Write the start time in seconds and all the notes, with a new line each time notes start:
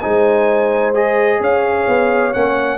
0.00 G#3 D#4 C5 G#5
0.94 G#4 D#5
1.40 C#4 C#5 F5
1.88 B3
2.33 A#3 C#4 F#5